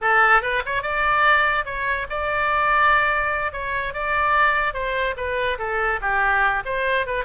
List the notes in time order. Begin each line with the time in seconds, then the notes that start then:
0.01 A4
0.41 B4
0.65 C#5
0.82 D5
1.65 C#5
2.09 D5
3.52 C#5
3.93 D5
4.73 C5
5.16 B4
5.58 A4
6.01 G4
6.65 C5
7.06 B4